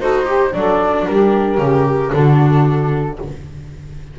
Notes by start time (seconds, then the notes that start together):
0.00 D#4 F#4 A4 C5
0.25 G4
0.53 F#3 D4 A4 D5
1.06 G3 G4 A#4
1.58 C#3 G4
2.11 D3 D4 F#4 A4